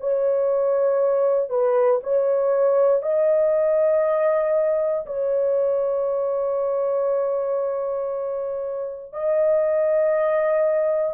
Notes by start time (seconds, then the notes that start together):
0.00 C#5
1.50 B4
2.03 C#5
3.03 D#5
5.06 C#5
9.13 D#5